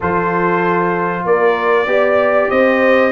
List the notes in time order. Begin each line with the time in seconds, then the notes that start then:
0.00 F3 F4 A4 C5
1.24 A#3 A#4 D5
1.86 B3 G4 D5
2.50 C4 C5 D#5